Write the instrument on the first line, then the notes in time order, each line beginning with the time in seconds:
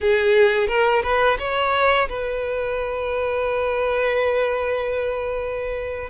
violin
0.00 G#4
0.67 A#4
1.02 B4
1.38 C#5
2.08 B4